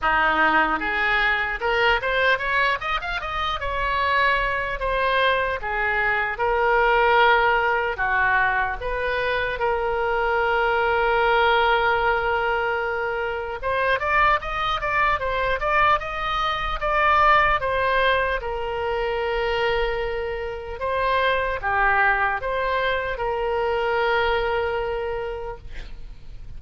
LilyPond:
\new Staff \with { instrumentName = "oboe" } { \time 4/4 \tempo 4 = 75 dis'4 gis'4 ais'8 c''8 cis''8 dis''16 f''16 | dis''8 cis''4. c''4 gis'4 | ais'2 fis'4 b'4 | ais'1~ |
ais'4 c''8 d''8 dis''8 d''8 c''8 d''8 | dis''4 d''4 c''4 ais'4~ | ais'2 c''4 g'4 | c''4 ais'2. | }